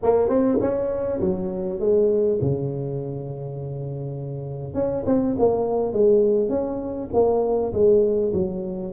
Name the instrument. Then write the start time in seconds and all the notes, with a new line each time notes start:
tuba
0.02 A#3
0.28 C4
0.60 C#4
1.20 F#3
1.79 G#3
2.41 C#3
4.74 C#4
5.05 C4
5.38 A#3
5.92 G#3
6.49 C#4
7.13 A#3
7.73 G#3
8.33 F#3